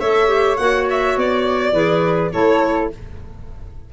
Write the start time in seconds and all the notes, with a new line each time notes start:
0.00 A3 A4 C#5 E5
0.27 G4
0.57 A#3 F#4 F#5
0.90 E5
1.17 B3 D5
1.72 E3 G#4 B4
2.33 A3 E4 A4 C#5